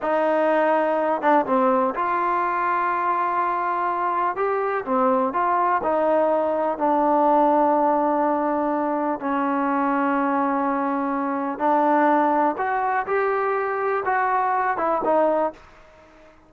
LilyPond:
\new Staff \with { instrumentName = "trombone" } { \time 4/4 \tempo 4 = 124 dis'2~ dis'8 d'8 c'4 | f'1~ | f'4 g'4 c'4 f'4 | dis'2 d'2~ |
d'2. cis'4~ | cis'1 | d'2 fis'4 g'4~ | g'4 fis'4. e'8 dis'4 | }